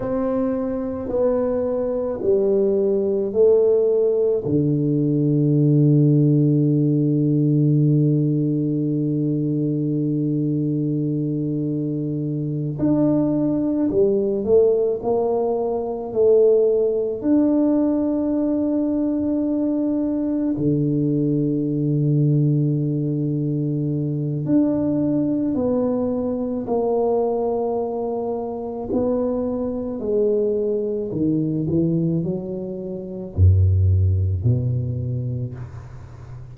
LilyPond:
\new Staff \with { instrumentName = "tuba" } { \time 4/4 \tempo 4 = 54 c'4 b4 g4 a4 | d1~ | d2.~ d8 d'8~ | d'8 g8 a8 ais4 a4 d'8~ |
d'2~ d'8 d4.~ | d2 d'4 b4 | ais2 b4 gis4 | dis8 e8 fis4 fis,4 b,4 | }